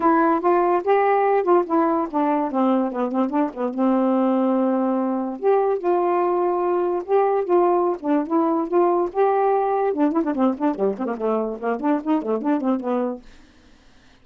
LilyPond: \new Staff \with { instrumentName = "saxophone" } { \time 4/4 \tempo 4 = 145 e'4 f'4 g'4. f'8 | e'4 d'4 c'4 b8 c'8 | d'8 b8 c'2.~ | c'4 g'4 f'2~ |
f'4 g'4 f'4~ f'16 d'8. | e'4 f'4 g'2 | d'8 e'16 d'16 c'8 d'8 g8 c'16 ais16 a4 | ais8 d'8 dis'8 a8 d'8 c'8 b4 | }